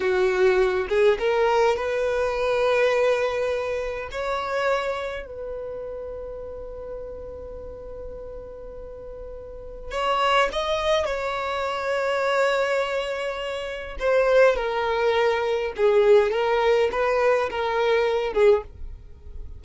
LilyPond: \new Staff \with { instrumentName = "violin" } { \time 4/4 \tempo 4 = 103 fis'4. gis'8 ais'4 b'4~ | b'2. cis''4~ | cis''4 b'2.~ | b'1~ |
b'4 cis''4 dis''4 cis''4~ | cis''1 | c''4 ais'2 gis'4 | ais'4 b'4 ais'4. gis'8 | }